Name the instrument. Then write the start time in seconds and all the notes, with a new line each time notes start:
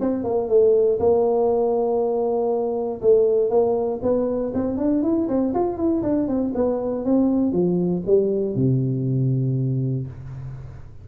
tuba
0.00 C4
0.24 A#3
0.49 A3
0.99 A#3
3.01 A3
3.50 A#3
4.02 B3
4.54 C4
4.77 D4
5.02 E4
5.28 C4
5.54 F4
5.77 E4
6.02 D4
6.28 C4
6.54 B3
7.05 C4
7.52 F3
8.07 G3
8.56 C3